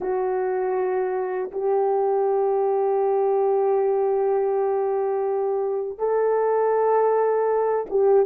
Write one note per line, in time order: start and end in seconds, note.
0.00 1.50 F#4
1.51 5.98 G4
5.98 7.85 A4
7.90 8.26 G4